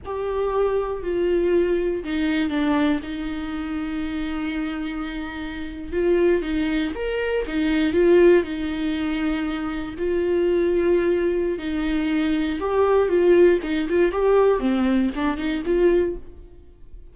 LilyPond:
\new Staff \with { instrumentName = "viola" } { \time 4/4 \tempo 4 = 119 g'2 f'2 | dis'4 d'4 dis'2~ | dis'2.~ dis'8. f'16~ | f'8. dis'4 ais'4 dis'4 f'16~ |
f'8. dis'2. f'16~ | f'2. dis'4~ | dis'4 g'4 f'4 dis'8 f'8 | g'4 c'4 d'8 dis'8 f'4 | }